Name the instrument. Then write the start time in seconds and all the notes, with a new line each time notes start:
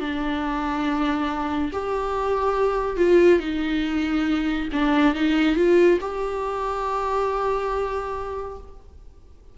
viola
0.00 D4
1.72 G4
2.97 F4
3.40 D#4
4.72 D4
5.15 D#4
5.56 F4
6.00 G4